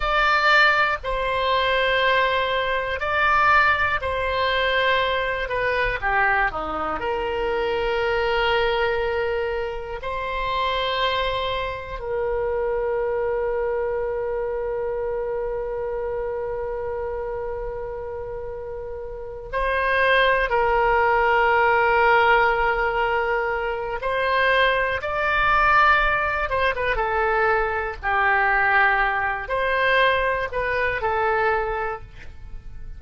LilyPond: \new Staff \with { instrumentName = "oboe" } { \time 4/4 \tempo 4 = 60 d''4 c''2 d''4 | c''4. b'8 g'8 dis'8 ais'4~ | ais'2 c''2 | ais'1~ |
ais'2.~ ais'8 c''8~ | c''8 ais'2.~ ais'8 | c''4 d''4. c''16 b'16 a'4 | g'4. c''4 b'8 a'4 | }